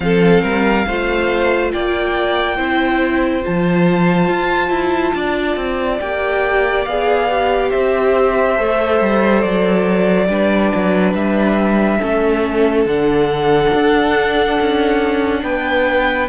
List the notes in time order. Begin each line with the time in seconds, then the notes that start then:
0.00 F3 C4 A4 F5
0.42 G3 A#4
0.86 A3 F4 C5
1.72 A#3 D5 G5
2.56 C4 E4 C5
3.42 F3 F4 A5
4.28 F4
4.69 E4
5.14 D4 D5
5.56 C4
5.99 A#3 G4 G5
6.85 B3 G#4 F5
7.29 G4
7.69 C4 C5 E5
8.56 A3 A4
9.00 G3
9.42 F#3 D5
10.28 G3 D4 B4
10.74 F#3
11.13 G3 E5
11.98 A3 C#4 A4
12.85 D3 D4 F#5
13.73 D4
14.60 C#4
15.42 B3 B4 G5